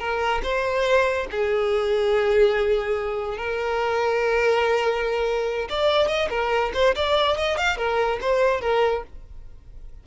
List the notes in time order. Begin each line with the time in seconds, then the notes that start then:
0.00 A#4
0.44 C5
1.32 G#4
3.38 A#4
5.70 D5
6.08 D#5
6.31 A#4
6.75 C5
6.96 D5
7.38 D#5
7.58 F5
7.78 A#4
8.21 C5
8.62 A#4